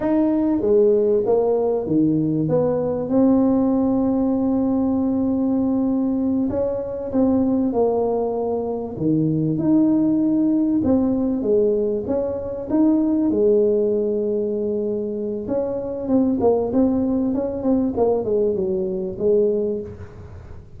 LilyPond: \new Staff \with { instrumentName = "tuba" } { \time 4/4 \tempo 4 = 97 dis'4 gis4 ais4 dis4 | b4 c'2.~ | c'2~ c'8 cis'4 c'8~ | c'8 ais2 dis4 dis'8~ |
dis'4. c'4 gis4 cis'8~ | cis'8 dis'4 gis2~ gis8~ | gis4 cis'4 c'8 ais8 c'4 | cis'8 c'8 ais8 gis8 fis4 gis4 | }